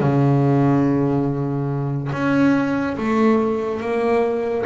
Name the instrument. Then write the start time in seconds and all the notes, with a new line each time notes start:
double bass
0.00 C#3
2.13 C#4
2.98 A3
3.81 A#3